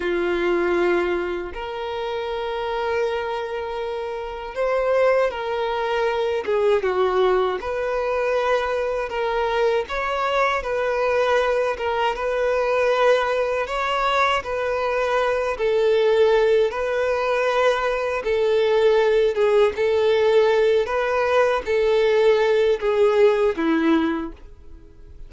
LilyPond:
\new Staff \with { instrumentName = "violin" } { \time 4/4 \tempo 4 = 79 f'2 ais'2~ | ais'2 c''4 ais'4~ | ais'8 gis'8 fis'4 b'2 | ais'4 cis''4 b'4. ais'8 |
b'2 cis''4 b'4~ | b'8 a'4. b'2 | a'4. gis'8 a'4. b'8~ | b'8 a'4. gis'4 e'4 | }